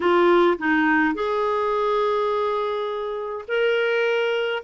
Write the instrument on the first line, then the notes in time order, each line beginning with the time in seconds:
clarinet
0.00 F4
0.58 D#4
1.14 G#4
3.48 A#4